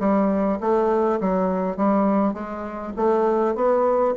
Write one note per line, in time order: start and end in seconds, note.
0.00 0.59 G3
0.61 1.20 A3
1.21 1.77 F#3
1.77 2.34 G3
2.34 2.93 G#3
2.97 3.56 A3
3.56 4.15 B3